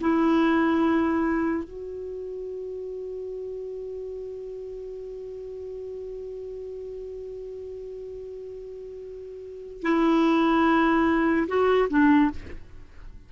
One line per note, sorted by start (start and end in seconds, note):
0.00 1.64 E4
1.64 9.82 F#4
9.82 11.46 E4
11.47 11.88 F#4
11.89 12.30 D4